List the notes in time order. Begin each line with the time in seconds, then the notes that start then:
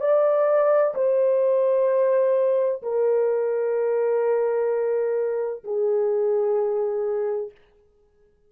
0.00 D5
0.94 C5
2.82 A#4
5.63 G#4